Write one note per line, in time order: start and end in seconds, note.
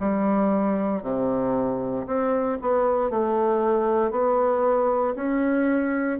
0.00 1.03 G3
1.03 2.06 C3
2.07 2.59 C4
2.61 3.10 B3
3.10 4.11 A3
4.11 5.15 B3
5.16 6.19 C#4